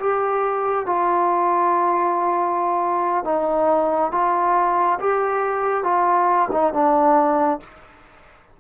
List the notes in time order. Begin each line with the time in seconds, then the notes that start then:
0.00 G4
0.86 F4
3.25 D#4
4.12 F4
5.00 G4
5.84 F4
6.52 D#4
6.74 D4